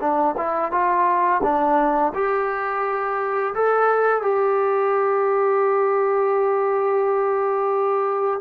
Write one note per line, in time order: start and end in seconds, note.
0.00 0.35 D4
0.37 0.71 E4
0.71 1.41 F4
1.43 2.13 D4
2.14 3.54 G4
3.54 4.22 A4
4.22 8.40 G4